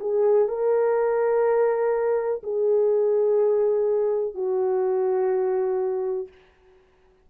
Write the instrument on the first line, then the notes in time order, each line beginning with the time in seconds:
horn
0.00 G#4
0.48 A#4
2.43 G#4
4.34 F#4